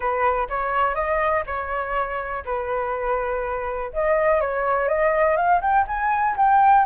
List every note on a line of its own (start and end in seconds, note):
0.00 0.48 B4
0.49 0.94 C#5
0.94 1.43 D#5
1.46 2.43 C#5
2.45 3.91 B4
3.93 4.40 D#5
4.40 4.88 C#5
4.88 5.36 D#5
5.36 5.61 F5
5.61 5.85 G5
5.87 6.36 G#5
6.37 6.85 G5